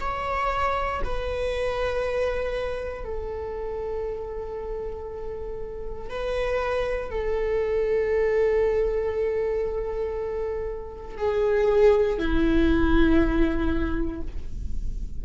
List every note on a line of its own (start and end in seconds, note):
0.00 1.02 C#5
1.04 3.05 B4
3.05 6.10 A4
6.10 7.10 B4
7.10 11.17 A4
11.18 12.18 G#4
12.18 14.22 E4